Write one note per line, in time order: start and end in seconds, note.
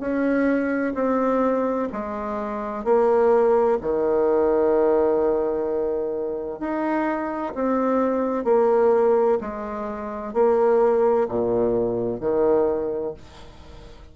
0.00 0.94 C#4
0.95 1.88 C4
1.93 2.85 G#3
2.85 3.78 A#3
3.81 6.60 D#3
6.60 7.53 D#4
7.55 8.45 C4
8.45 9.38 A#3
9.41 10.34 G#3
10.34 11.28 A#3
11.29 12.20 A#2
12.20 13.14 D#3